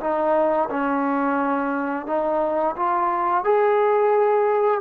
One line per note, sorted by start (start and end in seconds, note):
0.00 0.69 D#4
0.70 2.07 C#4
2.07 2.76 D#4
2.76 3.44 F4
3.44 4.81 G#4